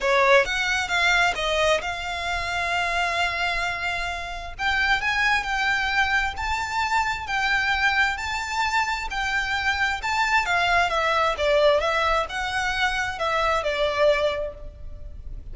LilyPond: \new Staff \with { instrumentName = "violin" } { \time 4/4 \tempo 4 = 132 cis''4 fis''4 f''4 dis''4 | f''1~ | f''2 g''4 gis''4 | g''2 a''2 |
g''2 a''2 | g''2 a''4 f''4 | e''4 d''4 e''4 fis''4~ | fis''4 e''4 d''2 | }